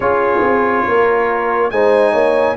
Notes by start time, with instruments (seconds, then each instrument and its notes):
0.00 tuba C#4, trombone F4, horn G#4, trumpet C#5
0.41 tuba C4
0.86 tuba A#3, horn A#4
1.70 tuba G#3, trombone D#4, horn C5, trumpet G#5
2.12 tuba A#3, horn C#5